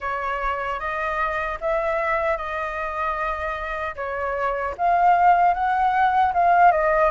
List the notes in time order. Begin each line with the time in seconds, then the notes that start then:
0.00 C#5
0.79 D#5
1.60 E5
2.37 D#5
3.95 C#5
4.77 F5
5.54 F#5
6.33 F5
6.71 D#5